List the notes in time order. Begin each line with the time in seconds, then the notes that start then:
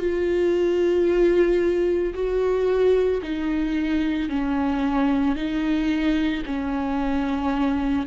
0.00 F4
2.14 F#4
3.23 D#4
4.30 C#4
5.36 D#4
6.46 C#4